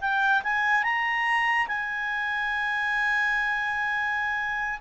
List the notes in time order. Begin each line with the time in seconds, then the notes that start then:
0.00 G5
0.43 G#5
0.83 A#5
1.67 G#5